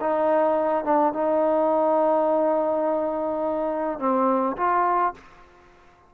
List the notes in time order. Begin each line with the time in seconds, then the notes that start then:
0.00 D#4
0.84 D4
1.13 D#4
3.99 C4
4.56 F4